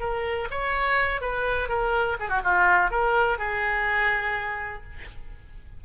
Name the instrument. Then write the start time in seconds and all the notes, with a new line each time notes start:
oboe
0.00 A#4
0.51 C#5
1.21 B4
1.69 A#4
2.20 G#4
2.29 F#4
2.44 F4
2.91 A#4
3.38 G#4